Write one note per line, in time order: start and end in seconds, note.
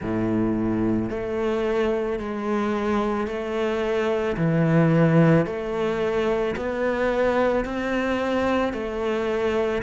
0.01 1.10 A2
1.10 2.19 A3
2.19 3.27 G#3
3.27 4.36 A3
4.36 5.45 E3
5.45 6.55 A3
6.56 7.64 B3
7.64 8.73 C4
8.73 9.82 A3